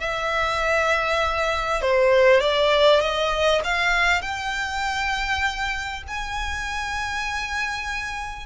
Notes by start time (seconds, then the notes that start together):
0.00 E5
1.81 C5
2.40 D5
3.00 D#5
3.64 F5
4.21 G5
6.07 G#5